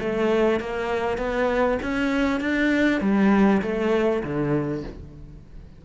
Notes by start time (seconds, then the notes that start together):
0.00 A3
0.60 A#3
1.18 B3
1.83 C#4
2.41 D4
3.01 G3
3.63 A3
4.24 D3